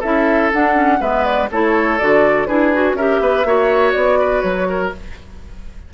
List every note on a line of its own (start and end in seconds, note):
0.00 0.52 C#4
0.00 0.52 E4
0.00 0.98 A4
0.00 0.51 E5
0.53 1.00 D4
0.53 0.74 D4
0.53 1.01 F#5
0.74 0.99 C#4
1.00 1.49 G#3
1.00 1.49 B3
1.00 1.49 B4
1.00 1.24 E5
1.24 1.49 D5
1.51 1.99 A3
1.51 1.99 E4
1.51 2.48 A4
1.51 1.98 C#5
1.98 2.47 D3
1.98 2.48 F#4
1.98 2.46 D5
2.46 2.94 D4
2.46 2.73 E4
2.46 2.96 G#4
2.46 2.95 B4
2.73 2.98 F#4
2.94 3.18 C#4
2.94 3.46 G4
2.94 3.21 A#4
2.94 3.92 E5
3.20 3.44 B3
3.20 3.47 B4
3.44 3.93 A#3
3.44 4.92 F#4
3.44 4.19 C#5
3.92 4.43 B3
3.92 4.41 D5
4.19 4.68 B4
4.41 4.92 F#3
4.41 4.89 C#5
4.69 4.93 A#4